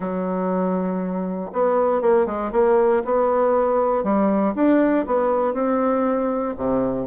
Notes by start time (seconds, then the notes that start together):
0.00 F#3
1.52 B3
2.01 A#3
2.26 G#3
2.52 A#3
3.04 B3
4.03 G3
4.55 D4
5.06 B3
5.53 C4
6.57 C3